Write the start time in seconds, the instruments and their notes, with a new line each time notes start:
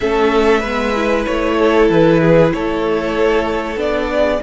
0.00 cello A3, viola C#4, violin A4 E5
0.60 cello G#3, viola B3, violin B4
0.95 viola E4
1.25 cello A3, violin C#5
1.58 violin A4
1.89 cello E3, violin B4
2.20 violin G#4
2.53 cello A3, violin A4 C#5
3.76 cello B3, viola D4, violin D5
4.11 violin G#4